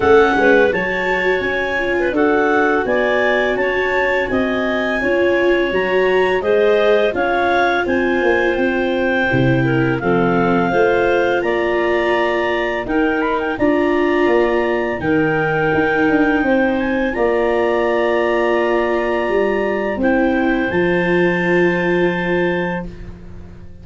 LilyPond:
<<
  \new Staff \with { instrumentName = "clarinet" } { \time 4/4 \tempo 4 = 84 fis''4 a''4 gis''4 fis''4 | gis''4 a''4 gis''2 | ais''4 dis''4 f''4 gis''4 | g''2 f''2 |
ais''2 g''8 b''16 g''16 ais''4~ | ais''4 g''2~ g''8 gis''8 | ais''1 | g''4 a''2. | }
  \new Staff \with { instrumentName = "clarinet" } { \time 4/4 a'8 b'8 cis''4.~ cis''16 b'16 a'4 | d''4 cis''4 dis''4 cis''4~ | cis''4 c''4 cis''4 c''4~ | c''4. ais'8 a'4 c''4 |
d''2 ais'4 d''4~ | d''4 ais'2 c''4 | d''1 | c''1 | }
  \new Staff \with { instrumentName = "viola" } { \time 4/4 cis'4 fis'4. f'8 fis'4~ | fis'2. f'4 | fis'4 gis'4 f'2~ | f'4 e'4 c'4 f'4~ |
f'2 dis'4 f'4~ | f'4 dis'2. | f'1 | e'4 f'2. | }
  \new Staff \with { instrumentName = "tuba" } { \time 4/4 a8 gis8 fis4 cis'4 d'4 | b4 cis'4 c'4 cis'4 | fis4 gis4 cis'4 c'8 ais8 | c'4 c4 f4 a4 |
ais2 dis'4 d'4 | ais4 dis4 dis'8 d'8 c'4 | ais2. g4 | c'4 f2. | }
>>